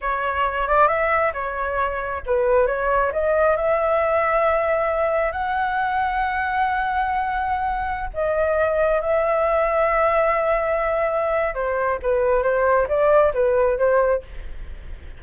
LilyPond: \new Staff \with { instrumentName = "flute" } { \time 4/4 \tempo 4 = 135 cis''4. d''8 e''4 cis''4~ | cis''4 b'4 cis''4 dis''4 | e''1 | fis''1~ |
fis''2~ fis''16 dis''4.~ dis''16~ | dis''16 e''2.~ e''8.~ | e''2 c''4 b'4 | c''4 d''4 b'4 c''4 | }